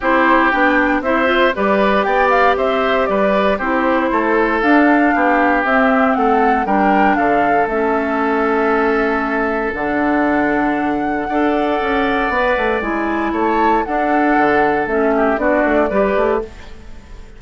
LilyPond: <<
  \new Staff \with { instrumentName = "flute" } { \time 4/4 \tempo 4 = 117 c''4 g''4 e''4 d''4 | g''8 f''8 e''4 d''4 c''4~ | c''4 f''2 e''4 | fis''4 g''4 f''4 e''4~ |
e''2. fis''4~ | fis''1~ | fis''4 gis''4 a''4 fis''4~ | fis''4 e''4 d''2 | }
  \new Staff \with { instrumentName = "oboe" } { \time 4/4 g'2 c''4 b'4 | d''4 c''4 b'4 g'4 | a'2 g'2 | a'4 ais'4 a'2~ |
a'1~ | a'2 d''2~ | d''2 cis''4 a'4~ | a'4. g'8 fis'4 b'4 | }
  \new Staff \with { instrumentName = "clarinet" } { \time 4/4 e'4 d'4 e'8 f'8 g'4~ | g'2. e'4~ | e'4 d'2 c'4~ | c'4 d'2 cis'4~ |
cis'2. d'4~ | d'2 a'2 | b'4 e'2 d'4~ | d'4 cis'4 d'4 g'4 | }
  \new Staff \with { instrumentName = "bassoon" } { \time 4/4 c'4 b4 c'4 g4 | b4 c'4 g4 c'4 | a4 d'4 b4 c'4 | a4 g4 d4 a4~ |
a2. d4~ | d2 d'4 cis'4 | b8 a8 gis4 a4 d'4 | d4 a4 b8 a8 g8 a8 | }
>>